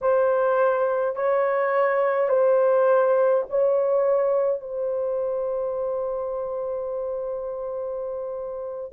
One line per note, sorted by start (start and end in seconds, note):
0.01 1.15 C5
1.15 2.28 C#5
2.28 3.44 C5
3.49 4.60 C#5
4.60 8.92 C5